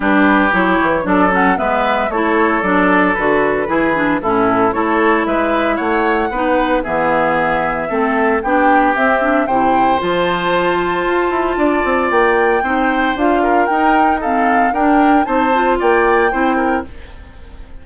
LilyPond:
<<
  \new Staff \with { instrumentName = "flute" } { \time 4/4 \tempo 4 = 114 b'4 cis''4 d''8 fis''8 e''4 | cis''4 d''4 b'2 | a'4 cis''4 e''4 fis''4~ | fis''4 e''2. |
g''4 e''4 g''4 a''4~ | a''2. g''4~ | g''4 f''4 g''4 f''4 | g''4 a''4 g''2 | }
  \new Staff \with { instrumentName = "oboe" } { \time 4/4 g'2 a'4 b'4 | a'2. gis'4 | e'4 a'4 b'4 cis''4 | b'4 gis'2 a'4 |
g'2 c''2~ | c''2 d''2 | c''4. ais'4. a'4 | ais'4 c''4 d''4 c''8 ais'8 | }
  \new Staff \with { instrumentName = "clarinet" } { \time 4/4 d'4 e'4 d'8 cis'8 b4 | e'4 d'4 fis'4 e'8 d'8 | cis'4 e'2. | dis'4 b2 c'4 |
d'4 c'8 d'8 e'4 f'4~ | f'1 | dis'4 f'4 dis'4 c'4 | d'4 dis'8 f'4. e'4 | }
  \new Staff \with { instrumentName = "bassoon" } { \time 4/4 g4 fis8 e8 fis4 gis4 | a4 fis4 d4 e4 | a,4 a4 gis4 a4 | b4 e2 a4 |
b4 c'4 c4 f4~ | f4 f'8 e'8 d'8 c'8 ais4 | c'4 d'4 dis'2 | d'4 c'4 ais4 c'4 | }
>>